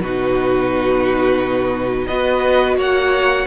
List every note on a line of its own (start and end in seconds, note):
0.00 2.07 B2
0.00 2.09 D#4
0.00 2.07 F#4
0.00 2.06 B4
2.06 2.76 B3
2.06 3.47 F#4
2.06 2.76 B4
2.06 2.75 D#5
2.76 3.45 A#3
2.76 3.46 C#5
2.76 3.47 F#5